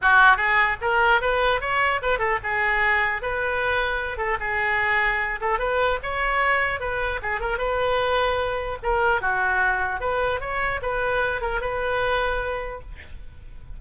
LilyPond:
\new Staff \with { instrumentName = "oboe" } { \time 4/4 \tempo 4 = 150 fis'4 gis'4 ais'4 b'4 | cis''4 b'8 a'8 gis'2 | b'2~ b'8 a'8 gis'4~ | gis'4. a'8 b'4 cis''4~ |
cis''4 b'4 gis'8 ais'8 b'4~ | b'2 ais'4 fis'4~ | fis'4 b'4 cis''4 b'4~ | b'8 ais'8 b'2. | }